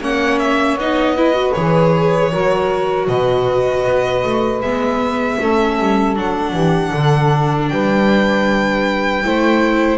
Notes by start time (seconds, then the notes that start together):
0.00 A#3 C#4 C#5 F#5
0.38 E5
0.75 B3 D#4 D#5
1.15 E4 B4
1.33 F#4
1.52 E3 G#4 C#5
2.30 F#3 F#4 A#4
3.08 B2 B4 D#5
3.84 B3
4.23 A3
4.61 G#3 B3 E5
5.38 A3 C#4 A4
5.79 G3
6.15 F#3 D4 F#5
6.52 E3 G4
6.93 D3 A4
7.68 G3 B4 G5
9.23 A3 E4 C5